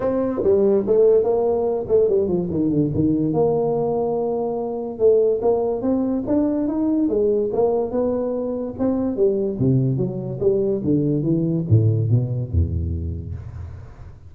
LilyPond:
\new Staff \with { instrumentName = "tuba" } { \time 4/4 \tempo 4 = 144 c'4 g4 a4 ais4~ | ais8 a8 g8 f8 dis8 d8 dis4 | ais1 | a4 ais4 c'4 d'4 |
dis'4 gis4 ais4 b4~ | b4 c'4 g4 c4 | fis4 g4 d4 e4 | a,4 b,4 e,2 | }